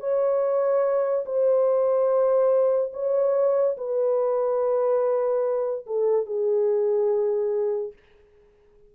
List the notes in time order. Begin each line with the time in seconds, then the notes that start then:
0.00 C#5
1.26 C5
2.93 C#5
3.77 B4
5.87 A4
6.26 G#4